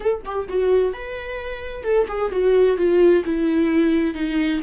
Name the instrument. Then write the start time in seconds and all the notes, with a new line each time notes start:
viola
0.00 A4
0.25 G4
0.48 F#4
0.93 B4
1.83 A4
2.08 G#4
2.31 F#4
2.77 F4
3.24 E4
4.14 D#4